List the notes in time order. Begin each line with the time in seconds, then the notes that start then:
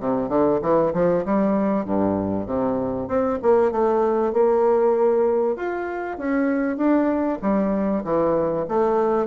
0.00 C3
0.29 D3
0.62 E3
0.94 F3
1.25 G3
1.85 G2
2.47 C3
3.08 C4
3.42 A#3
3.71 A3
4.33 A#3
5.56 F4
6.18 C#4
6.77 D4
7.42 G3
8.05 E3
8.69 A3